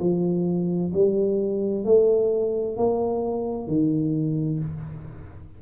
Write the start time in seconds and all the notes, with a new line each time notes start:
0.00 F3
0.94 G3
1.85 A3
2.77 A#3
3.68 D#3